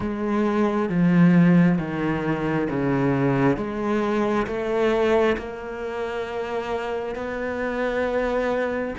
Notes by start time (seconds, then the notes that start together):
0.00 G#3
0.89 F3
1.78 D#3
2.69 C#3
3.57 G#3
4.47 A3
5.37 A#3
7.15 B3